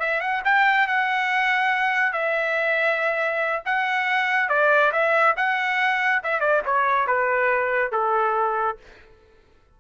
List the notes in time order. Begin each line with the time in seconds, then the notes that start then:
0.00 E5
0.21 F#5
0.45 G5
0.88 F#5
2.13 E5
3.66 F#5
4.49 D5
4.92 E5
5.37 F#5
6.24 E5
6.41 D5
6.66 C#5
7.07 B4
7.92 A4